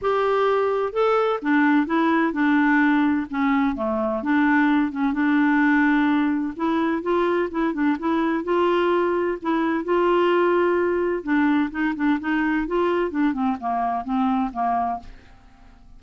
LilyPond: \new Staff \with { instrumentName = "clarinet" } { \time 4/4 \tempo 4 = 128 g'2 a'4 d'4 | e'4 d'2 cis'4 | a4 d'4. cis'8 d'4~ | d'2 e'4 f'4 |
e'8 d'8 e'4 f'2 | e'4 f'2. | d'4 dis'8 d'8 dis'4 f'4 | d'8 c'8 ais4 c'4 ais4 | }